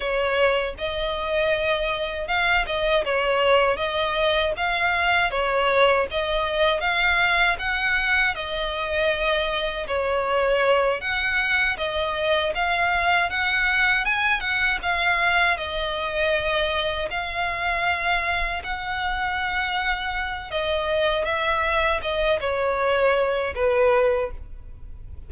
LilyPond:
\new Staff \with { instrumentName = "violin" } { \time 4/4 \tempo 4 = 79 cis''4 dis''2 f''8 dis''8 | cis''4 dis''4 f''4 cis''4 | dis''4 f''4 fis''4 dis''4~ | dis''4 cis''4. fis''4 dis''8~ |
dis''8 f''4 fis''4 gis''8 fis''8 f''8~ | f''8 dis''2 f''4.~ | f''8 fis''2~ fis''8 dis''4 | e''4 dis''8 cis''4. b'4 | }